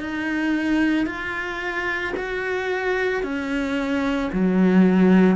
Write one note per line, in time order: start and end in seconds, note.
0.00 1.06 D#4
1.06 2.13 F4
2.16 3.23 F#4
3.23 4.30 C#4
4.32 5.36 F#3